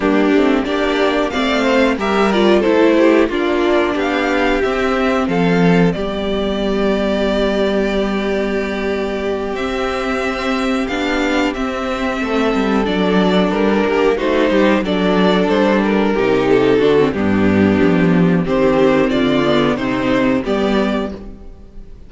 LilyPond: <<
  \new Staff \with { instrumentName = "violin" } { \time 4/4 \tempo 4 = 91 g'4 d''4 f''4 e''8 d''8 | c''4 d''4 f''4 e''4 | f''4 d''2.~ | d''2~ d''8 e''4.~ |
e''8 f''4 e''2 d''8~ | d''8 ais'4 c''4 d''4 c''8 | ais'4 a'4 g'2 | c''4 d''4 c''4 d''4 | }
  \new Staff \with { instrumentName = "violin" } { \time 4/4 d'4 g'4 d''8 c''8 ais'4 | a'8 g'8 f'4 g'2 | a'4 g'2.~ | g'1~ |
g'2~ g'8 a'4.~ | a'4 g'8 fis'8 g'8 a'4.~ | a'8 g'4 fis'8 d'2 | g'4 f'4 dis'4 g'4 | }
  \new Staff \with { instrumentName = "viola" } { \time 4/4 ais8 c'8 d'4 c'4 g'8 f'8 | e'4 d'2 c'4~ | c'4 b2.~ | b2~ b8 c'4.~ |
c'8 d'4 c'2 d'8~ | d'4. dis'4 d'4.~ | d'8 dis'4 d'16 c'16 b2 | c'4. b8 c'4 b4 | }
  \new Staff \with { instrumentName = "cello" } { \time 4/4 g8 a8 ais4 a4 g4 | a4 ais4 b4 c'4 | f4 g2.~ | g2~ g8 c'4.~ |
c'8 b4 c'4 a8 g8 fis8~ | fis8 g8 ais8 a8 g8 fis4 g8~ | g8 c4 d8 g,4 f4 | dis4 d4 c4 g4 | }
>>